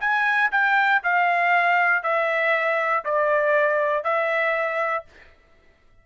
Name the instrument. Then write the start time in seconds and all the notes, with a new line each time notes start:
trumpet
0.00 G#5
0.51 G5
1.03 F5
2.03 E5
3.05 D5
4.04 E5